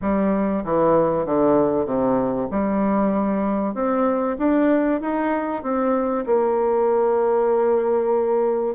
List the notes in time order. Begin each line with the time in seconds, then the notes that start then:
0.01 G3
0.64 E3
1.25 D3
1.85 C3
2.51 G3
3.74 C4
4.38 D4
5.01 D#4
5.62 C4
6.26 A#3